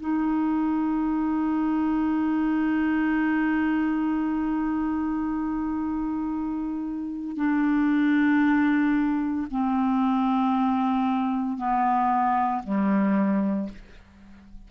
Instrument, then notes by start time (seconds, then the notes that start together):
clarinet
0.00 D#4
7.37 D4
9.51 C4
11.57 B3
12.64 G3